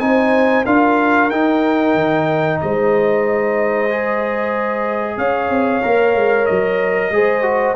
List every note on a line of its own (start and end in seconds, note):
0.00 0.65 C4
0.00 0.65 D#4
0.00 0.67 C5
0.00 0.65 G#5
0.66 1.31 D4
0.66 1.31 F4
0.66 2.60 A#4
0.66 1.30 F5
1.30 1.94 D#4
1.30 3.90 D#4
1.30 2.59 G5
1.94 2.59 D#3
2.61 5.17 G#3
2.61 5.18 C5
2.61 5.18 D#5
3.90 5.83 G#4
5.17 5.50 C#4
5.17 7.11 C#5
5.17 6.46 F5
5.50 5.82 C4
5.83 6.15 A#3
5.83 7.12 A#4
6.15 6.47 G#3
6.46 7.10 F#3
6.46 7.75 D#5
7.10 7.75 G#3
7.10 7.42 G#4
7.10 7.76 C5
7.42 7.75 F#4